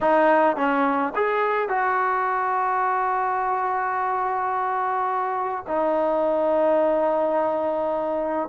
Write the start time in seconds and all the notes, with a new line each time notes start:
0.00 D#4
0.56 C#4
1.15 G#4
1.68 F#4
5.67 D#4